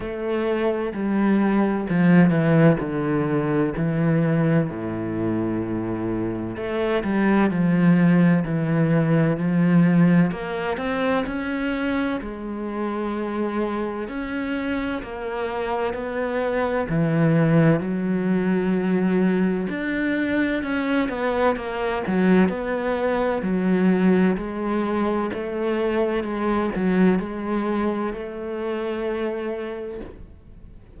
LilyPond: \new Staff \with { instrumentName = "cello" } { \time 4/4 \tempo 4 = 64 a4 g4 f8 e8 d4 | e4 a,2 a8 g8 | f4 e4 f4 ais8 c'8 | cis'4 gis2 cis'4 |
ais4 b4 e4 fis4~ | fis4 d'4 cis'8 b8 ais8 fis8 | b4 fis4 gis4 a4 | gis8 fis8 gis4 a2 | }